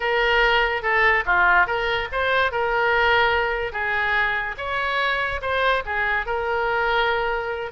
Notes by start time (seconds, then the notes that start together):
0.00 A#4
0.82 A4
1.25 F4
1.66 A#4
2.12 C5
2.51 A#4
3.72 G#4
4.57 C#5
5.41 C5
5.85 G#4
6.26 A#4